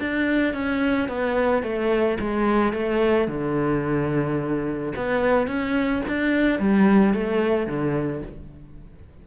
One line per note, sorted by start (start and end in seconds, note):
0.00 0.54 D4
0.54 1.08 C#4
1.08 1.63 B3
1.63 2.18 A3
2.20 2.73 G#3
2.73 3.28 A3
3.28 4.93 D3
4.96 5.47 B3
5.47 6.02 C#4
6.08 6.59 D4
6.59 7.14 G3
7.14 7.67 A3
7.67 8.22 D3